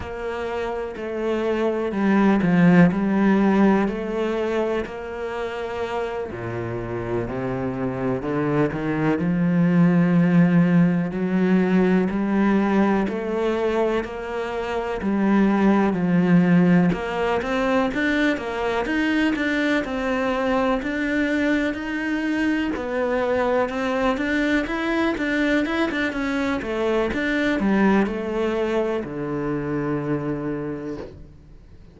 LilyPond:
\new Staff \with { instrumentName = "cello" } { \time 4/4 \tempo 4 = 62 ais4 a4 g8 f8 g4 | a4 ais4. ais,4 c8~ | c8 d8 dis8 f2 fis8~ | fis8 g4 a4 ais4 g8~ |
g8 f4 ais8 c'8 d'8 ais8 dis'8 | d'8 c'4 d'4 dis'4 b8~ | b8 c'8 d'8 e'8 d'8 e'16 d'16 cis'8 a8 | d'8 g8 a4 d2 | }